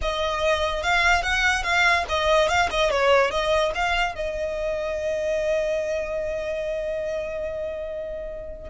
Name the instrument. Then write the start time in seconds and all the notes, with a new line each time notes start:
violin
0.01 D#5
0.82 F5
1.22 F#5
1.63 F5
2.08 D#5
2.48 F5
2.70 D#5
2.90 C#5
3.30 D#5
3.74 F5
4.15 D#5